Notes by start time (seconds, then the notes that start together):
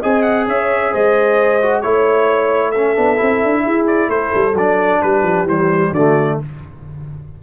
0.00 C4 G#4 D#5 G#5
0.22 F#5
0.46 C#4 C#5 E5
0.91 G#3 C5 D#5
1.62 F#4
1.82 A3 E4 C#5
2.70 C#4 A4 E5
2.96 B3 D4
3.16 C4 E4
3.44 D4
3.65 E4 G#4
3.87 D5
4.09 A3 A4 C5
4.35 G3
4.54 F#3 D4 D5
5.02 G3 G4 B4
5.23 F3
5.45 E3 G3 C5
5.91 D3 F#4 D5
5.97 A3